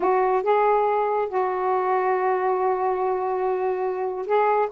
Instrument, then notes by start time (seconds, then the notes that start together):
saxophone
0.00 F#4
0.42 G#4
1.29 F#4
4.26 G#4